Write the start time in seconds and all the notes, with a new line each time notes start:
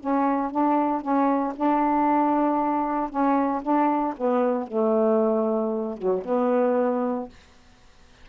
0.00 C#4
0.51 D4
1.02 C#4
1.56 D4
3.10 C#4
3.62 D4
4.17 B3
4.67 A3
5.97 F#3
6.25 B3